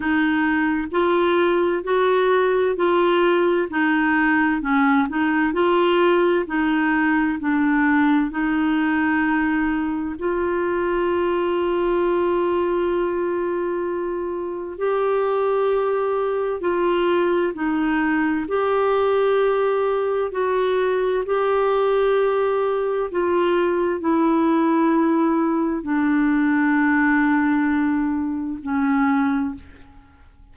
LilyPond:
\new Staff \with { instrumentName = "clarinet" } { \time 4/4 \tempo 4 = 65 dis'4 f'4 fis'4 f'4 | dis'4 cis'8 dis'8 f'4 dis'4 | d'4 dis'2 f'4~ | f'1 |
g'2 f'4 dis'4 | g'2 fis'4 g'4~ | g'4 f'4 e'2 | d'2. cis'4 | }